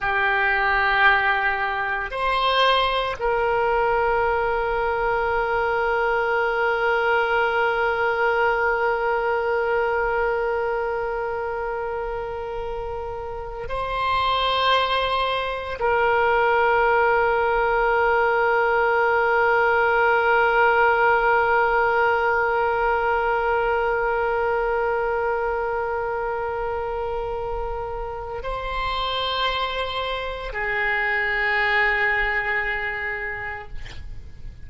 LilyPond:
\new Staff \with { instrumentName = "oboe" } { \time 4/4 \tempo 4 = 57 g'2 c''4 ais'4~ | ais'1~ | ais'1~ | ais'4 c''2 ais'4~ |
ais'1~ | ais'1~ | ais'2. c''4~ | c''4 gis'2. | }